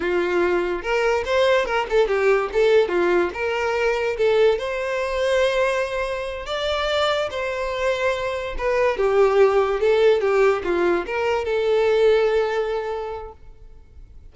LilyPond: \new Staff \with { instrumentName = "violin" } { \time 4/4 \tempo 4 = 144 f'2 ais'4 c''4 | ais'8 a'8 g'4 a'4 f'4 | ais'2 a'4 c''4~ | c''2.~ c''8 d''8~ |
d''4. c''2~ c''8~ | c''8 b'4 g'2 a'8~ | a'8 g'4 f'4 ais'4 a'8~ | a'1 | }